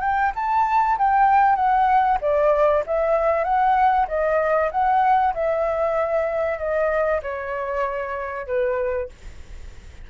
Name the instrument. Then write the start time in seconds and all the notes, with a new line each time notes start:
flute
0.00 G5
0.35 A5
0.97 G5
1.55 F#5
2.20 D5
2.86 E5
3.43 F#5
4.07 D#5
4.71 F#5
5.34 E5
6.58 D#5
7.22 C#5
8.46 B4